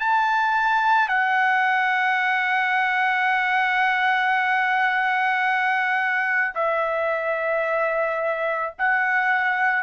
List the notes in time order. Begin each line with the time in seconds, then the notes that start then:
0.00 A5
1.08 F#5
6.55 E5
8.78 F#5